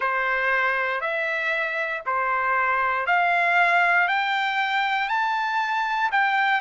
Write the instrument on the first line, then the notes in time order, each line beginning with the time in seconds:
trumpet
0.00 C5
1.00 E5
2.06 C5
3.06 F5
4.07 G5
5.08 A5
6.11 G5